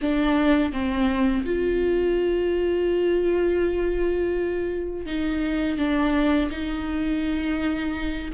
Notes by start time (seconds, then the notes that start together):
0.01 D4
0.72 C4
1.45 F4
5.06 D#4
5.77 D4
6.50 D#4